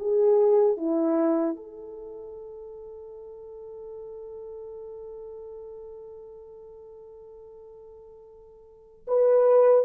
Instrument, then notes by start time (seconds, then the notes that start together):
horn
0.00 G#4
0.78 E4
1.56 A4
9.08 B4